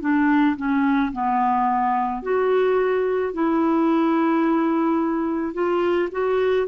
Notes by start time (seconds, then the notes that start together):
0.00 D4
0.56 C#4
1.12 B3
2.22 F#4
3.33 E4
5.53 F4
6.11 F#4